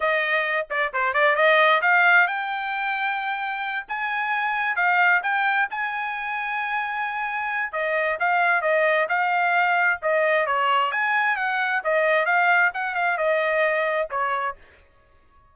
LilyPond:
\new Staff \with { instrumentName = "trumpet" } { \time 4/4 \tempo 4 = 132 dis''4. d''8 c''8 d''8 dis''4 | f''4 g''2.~ | g''8 gis''2 f''4 g''8~ | g''8 gis''2.~ gis''8~ |
gis''4 dis''4 f''4 dis''4 | f''2 dis''4 cis''4 | gis''4 fis''4 dis''4 f''4 | fis''8 f''8 dis''2 cis''4 | }